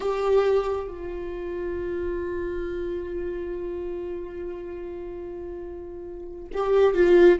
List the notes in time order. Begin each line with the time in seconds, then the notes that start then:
0.00 G4
0.87 F4
6.53 G4
6.94 F4